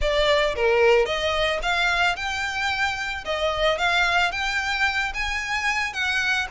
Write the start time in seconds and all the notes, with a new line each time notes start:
0.01 D5
0.55 A#4
1.05 D#5
1.62 F5
2.16 G5
3.25 D#5
3.78 F5
4.31 G5
5.14 G#5
5.93 F#5